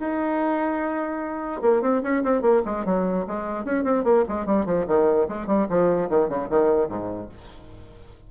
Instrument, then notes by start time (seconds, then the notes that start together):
bassoon
0.00 D#4
1.62 A#3
1.82 C4
2.03 C#4
2.24 C4
2.42 A#3
2.66 G#3
2.86 F#3
3.27 G#3
3.65 C#4
3.84 C4
4.05 A#3
4.29 G#3
4.46 G3
4.66 F3
4.88 D#3
5.29 G#3
5.47 G3
5.69 F3
6.09 D#3
6.29 C#3
6.50 D#3
6.89 G#2